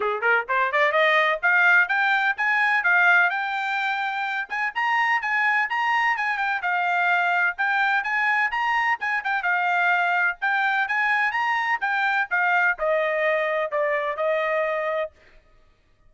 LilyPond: \new Staff \with { instrumentName = "trumpet" } { \time 4/4 \tempo 4 = 127 gis'8 ais'8 c''8 d''8 dis''4 f''4 | g''4 gis''4 f''4 g''4~ | g''4. gis''8 ais''4 gis''4 | ais''4 gis''8 g''8 f''2 |
g''4 gis''4 ais''4 gis''8 g''8 | f''2 g''4 gis''4 | ais''4 g''4 f''4 dis''4~ | dis''4 d''4 dis''2 | }